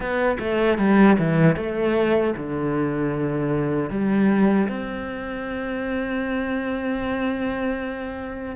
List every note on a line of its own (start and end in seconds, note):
0.00 0.37 B3
0.39 0.78 A3
0.78 1.17 G3
1.18 1.55 E3
1.55 2.33 A3
2.36 3.90 D3
3.90 4.68 G3
4.68 8.55 C4